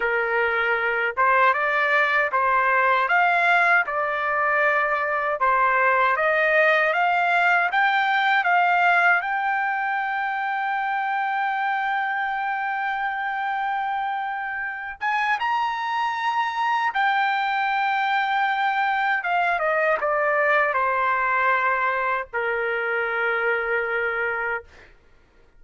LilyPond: \new Staff \with { instrumentName = "trumpet" } { \time 4/4 \tempo 4 = 78 ais'4. c''8 d''4 c''4 | f''4 d''2 c''4 | dis''4 f''4 g''4 f''4 | g''1~ |
g''2.~ g''8 gis''8 | ais''2 g''2~ | g''4 f''8 dis''8 d''4 c''4~ | c''4 ais'2. | }